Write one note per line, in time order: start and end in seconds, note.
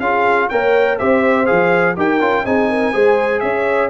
0.00 0.49 C#4
0.00 0.52 F4
0.00 0.49 G#4
0.00 0.49 F5
0.49 1.01 A#3
0.49 0.99 A#4
0.49 0.98 C#5
0.49 0.98 G5
0.98 1.50 C4
0.98 1.46 G4
0.98 1.96 C5
0.98 1.46 E5
1.46 1.97 F3
1.46 1.95 G#4
1.46 1.95 F5
1.96 2.20 D#4
1.96 2.21 G4
1.96 2.45 A#4
1.96 2.46 G5
2.20 2.44 C#4
2.20 2.45 F4
2.45 2.94 C4
2.45 2.93 D#4
2.45 2.69 G#4
2.45 3.40 G#5
2.69 2.92 A#4
2.92 3.43 G#3
2.92 3.90 G#4
2.92 3.41 C5
3.40 3.90 C#4
3.40 3.90 C#5
3.40 3.89 E5